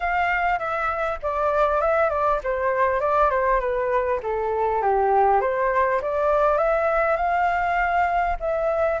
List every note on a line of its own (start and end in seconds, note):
0.00 0.58 F5
0.58 1.18 E5
1.22 1.81 D5
1.81 2.09 E5
2.09 2.39 D5
2.43 3.00 C5
3.00 3.30 D5
3.30 3.60 C5
3.60 4.20 B4
4.22 4.82 A4
4.82 5.41 G4
5.41 6.01 C5
6.01 6.57 D5
6.57 7.16 E5
7.16 8.36 F5
8.40 9.00 E5